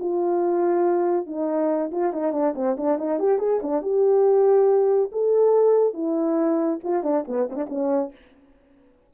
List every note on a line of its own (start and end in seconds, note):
0.00 1.27 F4
1.27 1.91 D#4
1.92 2.13 F4
2.13 2.33 D#4
2.33 2.54 D4
2.55 2.77 C4
2.77 2.98 D4
2.98 3.19 D#4
3.20 3.39 G4
3.39 3.60 G#4
3.63 3.82 D4
3.82 5.11 G4
5.12 5.94 A4
5.94 6.80 E4
6.84 7.04 F4
7.04 7.25 D4
7.28 7.49 B3
7.50 7.56 C4
7.56 7.67 D4
7.69 8.12 C#4